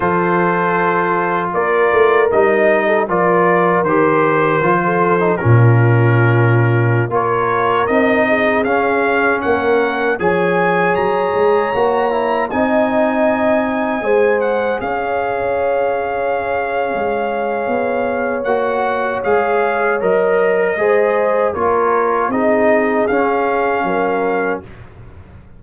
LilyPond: <<
  \new Staff \with { instrumentName = "trumpet" } { \time 4/4 \tempo 4 = 78 c''2 d''4 dis''4 | d''4 c''2 ais'4~ | ais'4~ ais'16 cis''4 dis''4 f''8.~ | f''16 fis''4 gis''4 ais''4.~ ais''16~ |
ais''16 gis''2~ gis''8 fis''8 f''8.~ | f''1 | fis''4 f''4 dis''2 | cis''4 dis''4 f''2 | }
  \new Staff \with { instrumentName = "horn" } { \time 4/4 a'2 ais'4.~ ais'16 a'16 | ais'2~ ais'16 a'8. f'4~ | f'4~ f'16 ais'4. gis'4~ gis'16~ | gis'16 ais'4 cis''2~ cis''8.~ |
cis''16 dis''2 c''4 cis''8.~ | cis''1~ | cis''2. c''4 | ais'4 gis'2 ais'4 | }
  \new Staff \with { instrumentName = "trombone" } { \time 4/4 f'2. dis'4 | f'4 g'4 f'8. dis'16 cis'4~ | cis'4~ cis'16 f'4 dis'4 cis'8.~ | cis'4~ cis'16 gis'2 fis'8 e'16~ |
e'16 dis'2 gis'4.~ gis'16~ | gis'1 | fis'4 gis'4 ais'4 gis'4 | f'4 dis'4 cis'2 | }
  \new Staff \with { instrumentName = "tuba" } { \time 4/4 f2 ais8 a8 g4 | f4 dis4 f4 ais,4~ | ais,4~ ais,16 ais4 c'4 cis'8.~ | cis'16 ais4 f4 fis8 gis8 ais8.~ |
ais16 c'2 gis4 cis'8.~ | cis'2 gis4 b4 | ais4 gis4 fis4 gis4 | ais4 c'4 cis'4 fis4 | }
>>